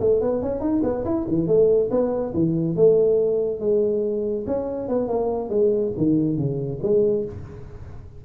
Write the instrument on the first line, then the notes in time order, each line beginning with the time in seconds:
tuba
0.00 A3
0.21 B3
0.42 C#4
0.61 D#4
0.83 B3
1.05 E4
1.28 E3
1.47 A3
1.91 B3
2.34 E3
2.76 A3
3.60 G#3
4.47 C#4
4.89 B3
5.08 A#3
5.50 G#3
5.97 D#3
6.37 C#3
6.83 G#3